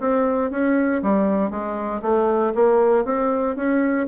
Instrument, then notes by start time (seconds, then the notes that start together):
bassoon
0.00 C4
0.51 C#4
1.03 G3
1.51 G#3
2.02 A3
2.55 A#3
3.05 C4
3.56 C#4